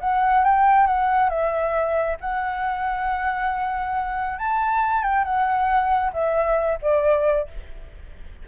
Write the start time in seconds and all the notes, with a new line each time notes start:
0.00 F#5
0.44 G5
0.86 F#5
1.29 E5
2.20 F#5
4.38 A5
5.03 G5
5.24 F#5
6.13 E5
6.82 D5